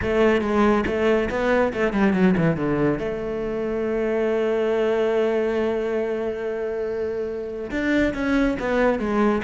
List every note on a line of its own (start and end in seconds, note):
0.02 0.41 A3
0.41 0.84 G#3
0.86 1.29 A3
1.30 1.72 B3
1.73 1.92 A3
1.92 2.13 G3
2.13 2.34 F#3
2.37 2.56 E3
2.56 2.98 D3
2.98 7.70 A3
7.70 8.13 D4
8.14 8.57 C#4
8.59 8.99 B3
8.99 9.41 G#3